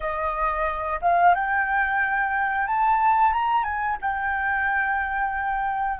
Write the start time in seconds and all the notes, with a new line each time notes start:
0.00 D#5
1.01 F5
1.34 G5
2.67 A5
3.32 A#5
3.63 G#5
4.02 G5